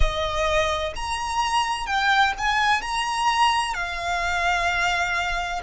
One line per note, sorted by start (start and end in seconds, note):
0.00 0.92 D#5
0.95 1.86 A#5
1.86 2.33 G5
2.37 2.81 G#5
2.81 3.73 A#5
3.73 5.61 F5